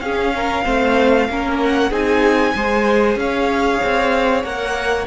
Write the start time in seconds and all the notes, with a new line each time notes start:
0.00 C#4 G#4 F5
0.35 A#4
0.64 A3 C4 C5
1.29 A#3 C#4 A#4
1.62 F#5
1.90 C4 D#4 G#4 G#5
2.55 G#3 G#4 C5
3.16 C#4 C#5 F5
3.84 C4
4.44 A#3 A#4 F#5